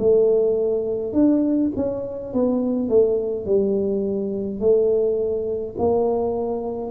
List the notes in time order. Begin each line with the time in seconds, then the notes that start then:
0.00 A3
1.13 D4
1.77 C#4
2.34 B3
2.89 A3
3.46 G3
4.60 A3
5.78 A#3